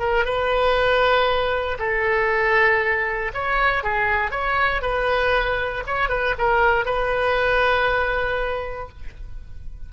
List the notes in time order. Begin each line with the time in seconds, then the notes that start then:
0.00 A#4
0.26 B4
1.80 A4
3.34 C#5
3.84 G#4
4.32 C#5
4.82 B4
5.87 C#5
6.10 B4
6.39 A#4
6.86 B4